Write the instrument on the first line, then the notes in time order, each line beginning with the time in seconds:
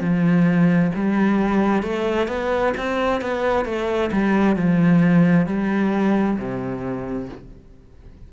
cello
0.00 F3
0.95 G3
1.83 A3
2.28 B3
2.77 C4
3.21 B3
3.65 A3
4.12 G3
4.56 F3
5.46 G3
6.38 C3